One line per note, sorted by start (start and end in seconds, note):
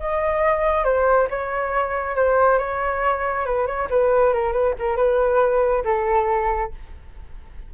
0.00 0.85 D#5
0.85 1.28 C5
1.30 2.16 C#5
2.16 2.59 C5
2.59 3.46 C#5
3.46 3.67 B4
3.67 3.89 C#5
3.90 4.33 B4
4.33 4.53 A#4
4.53 4.75 B4
4.79 4.97 A#4
4.97 5.84 B4
5.85 6.72 A4